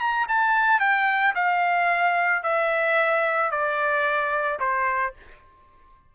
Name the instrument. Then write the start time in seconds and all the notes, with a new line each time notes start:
trumpet
0.00 A#5
0.29 A5
0.80 G5
1.35 F5
2.43 E5
3.51 D5
4.60 C5